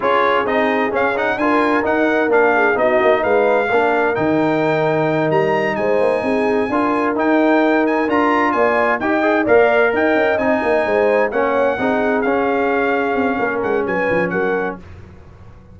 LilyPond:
<<
  \new Staff \with { instrumentName = "trumpet" } { \time 4/4 \tempo 4 = 130 cis''4 dis''4 f''8 fis''8 gis''4 | fis''4 f''4 dis''4 f''4~ | f''4 g''2~ g''8 ais''8~ | ais''8 gis''2. g''8~ |
g''4 gis''8 ais''4 gis''4 g''8~ | g''8 f''4 g''4 gis''4.~ | gis''8 fis''2 f''4.~ | f''4. fis''8 gis''4 fis''4 | }
  \new Staff \with { instrumentName = "horn" } { \time 4/4 gis'2. ais'4~ | ais'4. gis'8 fis'4 b'4 | ais'1~ | ais'8 c''4 gis'4 ais'4.~ |
ais'2~ ais'8 d''4 dis''8~ | dis''8 d''4 dis''2 c''8~ | c''8 cis''4 gis'2~ gis'8~ | gis'4 ais'4 b'4 ais'4 | }
  \new Staff \with { instrumentName = "trombone" } { \time 4/4 f'4 dis'4 cis'8 dis'8 f'4 | dis'4 d'4 dis'2 | d'4 dis'2.~ | dis'2~ dis'8 f'4 dis'8~ |
dis'4. f'2 g'8 | gis'8 ais'2 dis'4.~ | dis'8 cis'4 dis'4 cis'4.~ | cis'1 | }
  \new Staff \with { instrumentName = "tuba" } { \time 4/4 cis'4 c'4 cis'4 d'4 | dis'4 ais4 b8 ais8 gis4 | ais4 dis2~ dis8 g8~ | g8 gis8 ais8 c'4 d'4 dis'8~ |
dis'4. d'4 ais4 dis'8~ | dis'8 ais4 dis'8 cis'8 c'8 ais8 gis8~ | gis8 ais4 c'4 cis'4.~ | cis'8 c'8 ais8 gis8 fis8 f8 fis4 | }
>>